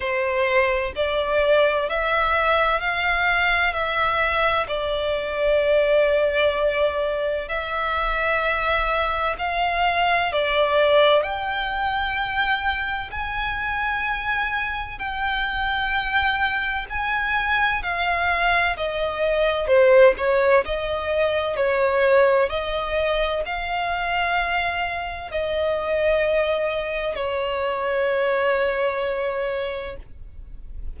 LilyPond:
\new Staff \with { instrumentName = "violin" } { \time 4/4 \tempo 4 = 64 c''4 d''4 e''4 f''4 | e''4 d''2. | e''2 f''4 d''4 | g''2 gis''2 |
g''2 gis''4 f''4 | dis''4 c''8 cis''8 dis''4 cis''4 | dis''4 f''2 dis''4~ | dis''4 cis''2. | }